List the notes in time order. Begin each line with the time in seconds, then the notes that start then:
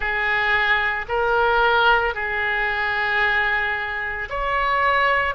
0.00 G#4
1.08 A#4
2.14 G#4
4.29 C#5